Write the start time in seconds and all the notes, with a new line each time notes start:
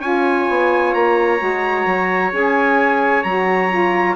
0.00 C#4 F4 C#5 G#5
0.49 B3
0.94 A#3 A#5
1.38 G#3 F#4
1.86 F#3
2.31 C#4 G#4 G#5
3.23 F#3 F#4 A#5
3.70 F4